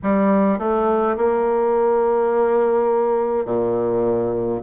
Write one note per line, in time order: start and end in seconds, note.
0.03 0.58 G3
0.58 1.16 A3
1.16 3.45 A#3
3.45 4.60 A#2